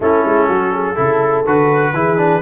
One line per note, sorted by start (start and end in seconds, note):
0.00 0.24 A3
0.00 0.95 C#4
0.00 0.48 E4
0.00 1.46 A4
0.25 0.49 G#3
0.48 0.97 F#3
0.48 0.72 F#4
0.73 0.94 G#4
0.94 1.45 C#3
0.94 1.44 E4
0.94 1.91 A4
1.45 1.93 D3
1.45 1.94 F#4
1.45 2.41 B4
1.93 2.41 E3
1.93 2.17 E4
1.93 2.41 G#4
2.17 2.41 D4